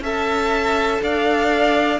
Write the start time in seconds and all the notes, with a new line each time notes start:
0.00 C#4 A4 E5 A5
1.01 D4 D5 F5